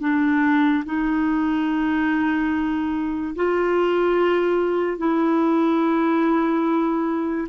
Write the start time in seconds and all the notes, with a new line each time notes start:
0.00 D4
0.84 D#4
3.35 F4
4.98 E4